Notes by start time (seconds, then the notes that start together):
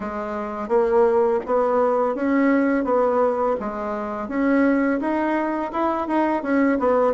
0.00 G#3
0.68 A#3
1.45 B3
2.15 C#4
2.84 B3
3.59 G#3
4.28 C#4
5.00 D#4
5.72 E4
6.07 D#4
6.43 C#4
6.79 B3